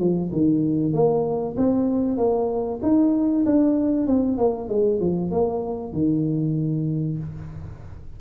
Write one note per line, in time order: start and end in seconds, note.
0.00 0.31 F3
0.32 0.94 D#3
0.94 1.56 A#3
1.57 2.18 C4
2.18 2.80 A#3
2.83 3.45 D#4
3.46 4.07 D4
4.07 4.38 C4
4.38 4.69 A#3
4.69 5.00 G#3
5.00 5.31 F3
5.31 5.93 A#3
5.93 7.18 D#3